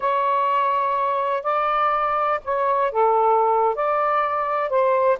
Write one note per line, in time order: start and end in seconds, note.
0.00 1.43 C#5
1.43 2.40 D5
2.44 2.91 C#5
2.91 3.75 A4
3.75 4.69 D5
4.69 5.18 C5